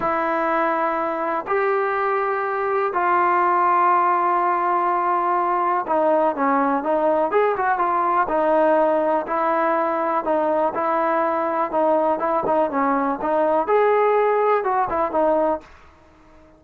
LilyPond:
\new Staff \with { instrumentName = "trombone" } { \time 4/4 \tempo 4 = 123 e'2. g'4~ | g'2 f'2~ | f'1 | dis'4 cis'4 dis'4 gis'8 fis'8 |
f'4 dis'2 e'4~ | e'4 dis'4 e'2 | dis'4 e'8 dis'8 cis'4 dis'4 | gis'2 fis'8 e'8 dis'4 | }